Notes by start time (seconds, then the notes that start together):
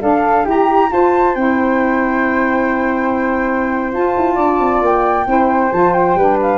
0.00 D4 A4 F5
0.45 E4 G4 A#5
0.91 F4 C5 A5
1.35 C4 E4 G5
3.93 F4 A5
4.17 E4
4.36 D4 D5
4.60 C4
4.82 A#3 G5
5.26 C4 E4 C5
5.73 F3 F4 A5
5.93 G5
6.15 G3 D4 B4
6.42 F5